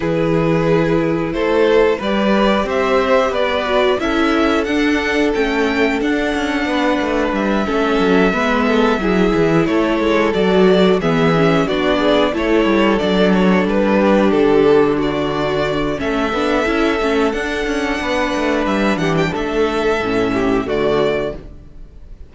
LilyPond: <<
  \new Staff \with { instrumentName = "violin" } { \time 4/4 \tempo 4 = 90 b'2 c''4 d''4 | e''4 d''4 e''4 fis''4 | g''4 fis''2 e''4~ | e''2~ e''8 cis''4 d''8~ |
d''8 e''4 d''4 cis''4 d''8 | cis''8 b'4 a'4 d''4. | e''2 fis''2 | e''8 fis''16 g''16 e''2 d''4 | }
  \new Staff \with { instrumentName = "violin" } { \time 4/4 gis'2 a'4 b'4 | c''4 b'4 a'2~ | a'2 b'4. a'8~ | a'8 b'8 a'8 gis'4 a'4.~ |
a'8 gis'4 fis'8 gis'8 a'4.~ | a'4 g'4. fis'4. | a'2. b'4~ | b'8 g'8 a'4. g'8 fis'4 | }
  \new Staff \with { instrumentName = "viola" } { \time 4/4 e'2. g'4~ | g'4. fis'8 e'4 d'4 | cis'4 d'2~ d'8 cis'8~ | cis'8 b4 e'2 fis'8~ |
fis'8 b8 cis'8 d'4 e'4 d'8~ | d'1 | cis'8 d'8 e'8 cis'8 d'2~ | d'2 cis'4 a4 | }
  \new Staff \with { instrumentName = "cello" } { \time 4/4 e2 a4 g4 | c'4 b4 cis'4 d'4 | a4 d'8 cis'8 b8 a8 g8 a8 | fis8 gis4 fis8 e8 a8 gis8 fis8~ |
fis8 e4 b4 a8 g8 fis8~ | fis8 g4 d2~ d8 | a8 b8 cis'8 a8 d'8 cis'8 b8 a8 | g8 e8 a4 a,4 d4 | }
>>